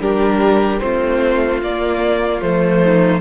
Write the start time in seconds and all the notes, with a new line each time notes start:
0.00 G3 D4 G4 A#4
0.80 A3 C4 F4 C5
1.62 A#3 D5
2.41 F3 A3 C5
2.83 D#4